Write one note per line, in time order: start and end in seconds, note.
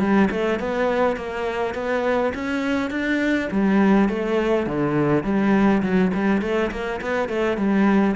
0.00 0.29 G3
0.31 0.60 A3
0.60 1.17 B3
1.17 1.75 A#3
1.75 2.33 B3
2.35 2.91 C#4
2.91 3.49 D4
3.51 4.09 G3
4.09 4.67 A3
4.67 5.24 D3
5.24 5.83 G3
5.83 6.12 F#3
6.15 6.42 G3
6.42 6.71 A3
6.71 7.01 A#3
7.02 7.29 B3
7.29 7.58 A3
7.58 8.16 G3